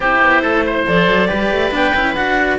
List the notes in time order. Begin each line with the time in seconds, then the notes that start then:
0.00 C4 E4 G4 C5
0.21 B3
0.41 A3 A4
0.66 C5
0.86 F3 A4 D5
1.07 F#3
1.28 G3 G4 B4
1.50 A3
1.71 B3 D4 G5
1.94 C#4 E4
2.14 D4 F#4 F#5